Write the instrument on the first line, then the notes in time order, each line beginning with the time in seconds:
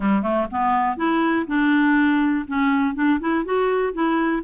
clarinet
0.00 G3
0.22 A3
0.51 B3
0.97 E4
1.47 D4
2.47 C#4
2.94 D4
3.20 E4
3.44 F#4
3.93 E4